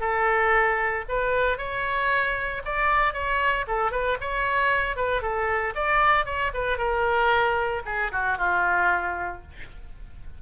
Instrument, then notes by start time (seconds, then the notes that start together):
oboe
0.00 A4
1.09 B4
1.57 C#5
2.65 D5
3.13 C#5
3.67 A4
3.91 B4
4.20 C#5
4.96 B4
5.22 A4
5.75 D5
6.25 C#5
6.54 B4
6.78 A#4
7.85 G#4
8.12 F#4
8.38 F4